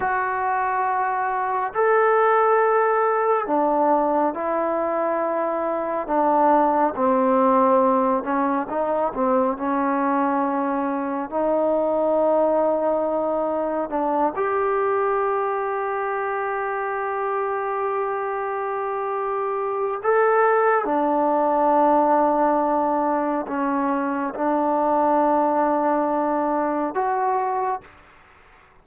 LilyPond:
\new Staff \with { instrumentName = "trombone" } { \time 4/4 \tempo 4 = 69 fis'2 a'2 | d'4 e'2 d'4 | c'4. cis'8 dis'8 c'8 cis'4~ | cis'4 dis'2. |
d'8 g'2.~ g'8~ | g'2. a'4 | d'2. cis'4 | d'2. fis'4 | }